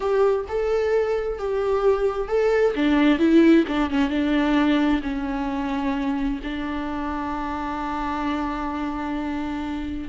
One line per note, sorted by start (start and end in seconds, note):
0.00 0.45 G4
0.48 1.38 A4
1.38 2.28 G4
2.28 2.74 A4
2.75 3.18 D4
3.18 3.64 E4
3.67 3.90 D4
3.90 4.09 C#4
4.09 5.01 D4
5.02 6.40 C#4
6.43 10.08 D4